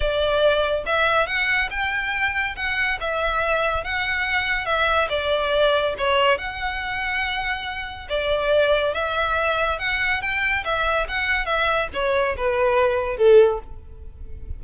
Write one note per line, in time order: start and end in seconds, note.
0.00 0.84 D5
0.85 1.26 E5
1.26 1.69 F#5
1.70 2.55 G5
2.56 2.98 F#5
3.00 3.84 E5
3.84 4.65 F#5
4.65 5.08 E5
5.09 5.94 D5
5.98 6.37 C#5
6.37 8.08 F#5
8.09 8.94 D5
8.94 9.79 E5
9.79 10.21 F#5
10.21 10.64 G5
10.64 11.06 E5
11.08 11.45 F#5
11.45 11.88 E5
11.93 12.36 C#5
12.36 13.17 B4
13.17 13.59 A4